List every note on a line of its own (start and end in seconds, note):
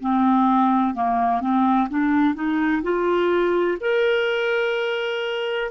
0.00 0.94 C4
0.94 1.41 A#3
1.41 1.88 C4
1.89 2.35 D4
2.35 2.82 D#4
2.83 3.78 F4
3.81 5.71 A#4